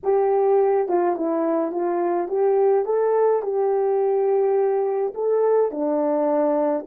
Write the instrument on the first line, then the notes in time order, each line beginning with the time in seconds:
horn
0.03 G4
0.88 F4
1.16 E4
1.71 F4
2.28 G4
2.85 A4
3.42 G4
5.14 A4
5.71 D4